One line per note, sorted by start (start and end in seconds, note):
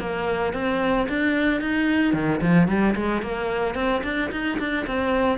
0.00 0.54 A#3
0.54 1.08 C4
1.09 1.61 D4
1.61 2.14 D#4
2.14 2.41 D#3
2.41 2.68 F3
2.68 2.95 G3
2.96 3.22 G#3
3.22 3.75 A#3
3.75 4.02 C4
4.04 4.31 D4
4.32 4.59 D#4
4.59 4.86 D4
4.87 5.38 C4